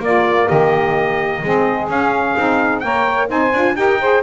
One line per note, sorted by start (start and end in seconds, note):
0.00 0.47 A#3
0.00 1.43 A#3
0.00 0.47 F4
0.00 0.49 D5
0.47 1.43 D#3
0.47 1.41 G4
0.47 1.89 D#5
1.43 1.89 G#3
1.43 1.91 C4
1.43 2.83 G#4
1.89 2.36 C#4
1.89 2.38 C#4
1.89 2.80 F5
2.38 2.84 C4
2.38 2.84 D#4
2.80 3.30 A#3
2.80 3.28 A#4
2.80 3.28 C#5
2.80 3.27 G5
3.28 3.53 C4
3.28 3.52 D#4
3.28 3.75 C5
3.28 3.76 G#5
3.53 3.76 D4
3.53 3.76 F4
3.76 4.23 D#4
3.76 4.00 G4
3.76 4.00 A#4
3.76 4.23 G5
4.00 4.23 G#4
4.00 4.23 C5